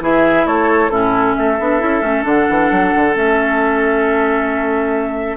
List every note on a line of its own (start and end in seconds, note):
0.00 0.45 E3
0.00 0.90 E4
0.00 0.46 G#4
0.00 0.46 E5
0.45 0.90 A3
0.45 0.91 A4
0.45 0.89 C#5
0.89 1.34 A2
0.89 1.58 C#4
0.89 1.36 E4
0.89 1.34 A4
1.35 1.59 A3
1.35 5.37 A4
1.35 2.24 E5
1.59 1.82 B3
1.59 1.80 D4
1.80 2.01 C#4
1.80 2.01 E4
2.01 2.24 A3
2.01 2.23 C#4
2.23 2.47 D3
2.23 3.12 D4
2.23 3.16 F#5
2.49 2.71 E3
2.71 2.93 F#3
2.96 3.15 D3
3.15 5.37 A3
3.15 5.37 C#4
3.15 5.37 E5